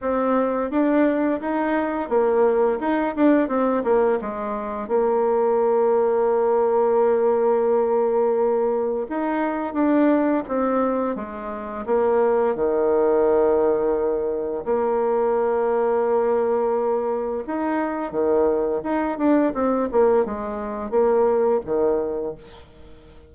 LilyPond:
\new Staff \with { instrumentName = "bassoon" } { \time 4/4 \tempo 4 = 86 c'4 d'4 dis'4 ais4 | dis'8 d'8 c'8 ais8 gis4 ais4~ | ais1~ | ais4 dis'4 d'4 c'4 |
gis4 ais4 dis2~ | dis4 ais2.~ | ais4 dis'4 dis4 dis'8 d'8 | c'8 ais8 gis4 ais4 dis4 | }